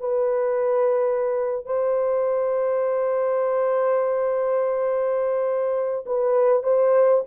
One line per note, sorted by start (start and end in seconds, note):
0.00 1.66 B4
1.66 6.05 C5
6.06 6.63 B4
6.63 7.24 C5